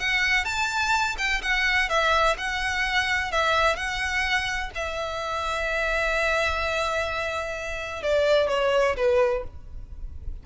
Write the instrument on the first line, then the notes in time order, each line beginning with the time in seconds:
violin
0.00 F#5
0.46 A5
1.19 G5
1.43 F#5
1.90 E5
2.38 F#5
3.32 E5
3.76 F#5
4.75 E5
8.03 D5
8.49 C#5
8.97 B4